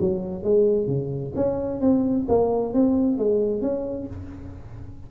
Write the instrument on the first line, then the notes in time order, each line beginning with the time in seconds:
tuba
0.00 F#3
0.44 G#3
0.88 C#3
1.36 C#4
1.81 C4
2.29 A#3
2.74 C4
3.18 G#3
3.62 C#4